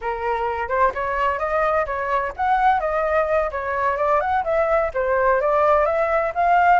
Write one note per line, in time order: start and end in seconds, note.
0.01 0.68 A#4
0.68 0.92 C5
0.94 1.38 C#5
1.38 1.85 D#5
1.85 2.32 C#5
2.36 2.80 F#5
2.80 3.50 D#5
3.51 3.97 C#5
3.97 4.20 D5
4.20 4.43 F#5
4.44 4.91 E5
4.94 5.40 C5
5.40 5.85 D5
5.85 6.32 E5
6.34 6.79 F5